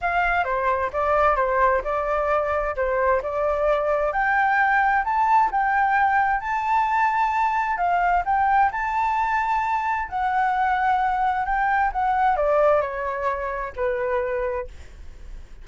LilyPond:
\new Staff \with { instrumentName = "flute" } { \time 4/4 \tempo 4 = 131 f''4 c''4 d''4 c''4 | d''2 c''4 d''4~ | d''4 g''2 a''4 | g''2 a''2~ |
a''4 f''4 g''4 a''4~ | a''2 fis''2~ | fis''4 g''4 fis''4 d''4 | cis''2 b'2 | }